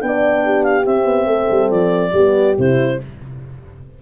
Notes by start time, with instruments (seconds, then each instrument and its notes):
0.00 tuba B3, horn D4, clarinet G5
0.06 horn D5
0.45 horn G4
0.64 clarinet F5
0.86 tuba C4, horn C4, clarinet E5
1.05 tuba B3
1.26 tuba A3, horn A4
1.51 tuba G3
1.70 tuba F3, clarinet D5
2.11 tuba G3, horn B3 G4
2.58 tuba C3, horn E4, clarinet C5